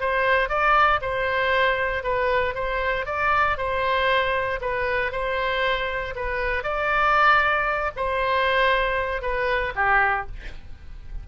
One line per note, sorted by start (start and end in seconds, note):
0.00 0.49 C5
0.49 1.00 D5
1.01 2.03 C5
2.03 2.55 B4
2.55 3.06 C5
3.06 3.57 D5
3.57 4.60 C5
4.61 5.11 B4
5.11 6.14 C5
6.15 6.63 B4
6.63 7.91 D5
7.96 9.21 C5
9.21 9.73 B4
9.75 10.27 G4